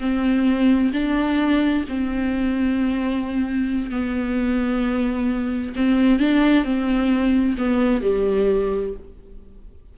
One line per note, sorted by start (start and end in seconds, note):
0.00 0.92 C4
0.93 1.85 D4
1.89 3.91 C4
3.91 5.74 B3
5.76 6.19 C4
6.19 6.65 D4
6.65 7.56 C4
7.58 8.02 B3
8.02 8.93 G3